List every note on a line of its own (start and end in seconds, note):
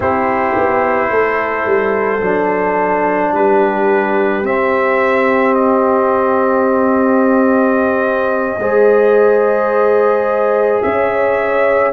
0.00 0.55 C4
0.00 2.20 E4
0.00 1.10 G4
0.00 3.34 C5
0.56 1.09 B3
1.09 1.65 A3
1.09 3.33 A4
1.65 2.21 G3
2.21 3.31 F#3
2.21 4.43 D4
3.31 4.42 G3
3.31 8.60 G4
3.31 4.45 B4
4.42 8.58 C4
4.42 8.59 C4
4.42 5.54 E5
5.54 10.81 D#5
8.58 10.80 G#3
8.58 11.93 G#4
8.58 10.82 C5
10.82 11.93 C#4
10.82 11.93 C#5
10.82 11.93 E5